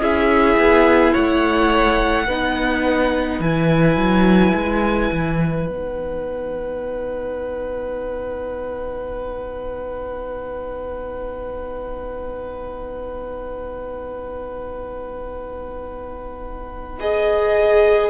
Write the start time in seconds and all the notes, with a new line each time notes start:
0.00 C#4 E4 G#4 E5
0.57 B3
1.12 A3 C#5 F#5
2.26 B3 D#4 B4
3.40 E3 E4 G#5
3.96 F#3
4.54 G#3
5.12 E3
5.67 B3 D#4 F#5
17.00 G#4 D#5